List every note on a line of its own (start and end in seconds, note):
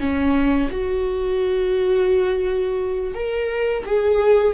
0.00 0.69 C#4
0.71 3.15 F#4
3.15 3.85 A#4
3.86 4.54 G#4